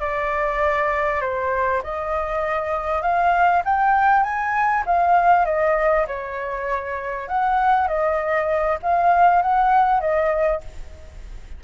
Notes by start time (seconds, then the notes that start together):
0.00 D5
1.21 C5
1.83 D#5
3.02 F5
3.65 G5
4.23 G#5
4.86 F5
5.45 D#5
6.07 C#5
7.28 F#5
7.88 D#5
8.82 F5
9.42 F#5
10.00 D#5